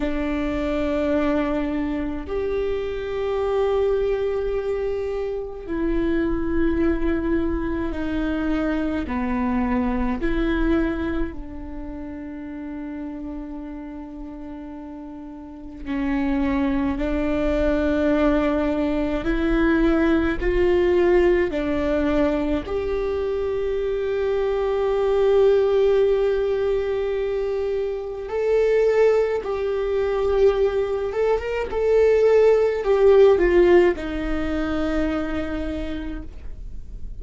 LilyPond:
\new Staff \with { instrumentName = "viola" } { \time 4/4 \tempo 4 = 53 d'2 g'2~ | g'4 e'2 dis'4 | b4 e'4 d'2~ | d'2 cis'4 d'4~ |
d'4 e'4 f'4 d'4 | g'1~ | g'4 a'4 g'4. a'16 ais'16 | a'4 g'8 f'8 dis'2 | }